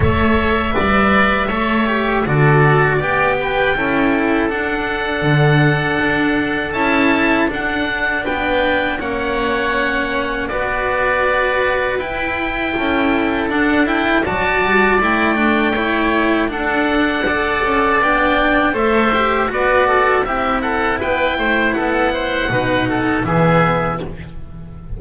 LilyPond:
<<
  \new Staff \with { instrumentName = "oboe" } { \time 4/4 \tempo 4 = 80 e''2. d''4 | g''2 fis''2~ | fis''4 a''4 fis''4 g''4 | fis''2 d''2 |
g''2 fis''8 g''8 a''4 | g''2 fis''2 | g''4 e''4 d''4 e''8 fis''8 | g''4 fis''2 e''4 | }
  \new Staff \with { instrumentName = "oboe" } { \time 4/4 cis''4 d''4 cis''4 a'4 | d''8 b'8 a'2.~ | a'2. b'4 | cis''2 b'2~ |
b'4 a'2 d''4~ | d''4 cis''4 a'4 d''4~ | d''4 c''4 b'8 a'8 g'8 a'8 | b'8 c''8 a'8 c''8 b'8 a'8 gis'4 | }
  \new Staff \with { instrumentName = "cello" } { \time 4/4 a'4 b'4 a'8 g'8 fis'4 | g'4 e'4 d'2~ | d'4 e'4 d'2 | cis'2 fis'2 |
e'2 d'8 e'8 fis'4 | e'8 d'8 e'4 d'4 a'4 | d'4 a'8 g'8 fis'4 e'4~ | e'2 dis'4 b4 | }
  \new Staff \with { instrumentName = "double bass" } { \time 4/4 a4 g4 a4 d4 | b4 cis'4 d'4 d4 | d'4 cis'4 d'4 b4 | ais2 b2 |
e'4 cis'4 d'4 fis8 g8 | a2 d'4. cis'8 | b4 a4 b4 c'4 | b8 a8 b4 b,4 e4 | }
>>